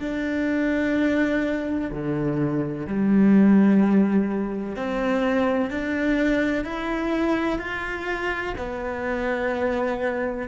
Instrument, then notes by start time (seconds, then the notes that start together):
cello
0.00 D4
1.91 D3
2.87 G3
4.76 C4
5.70 D4
6.64 E4
7.58 F4
8.57 B3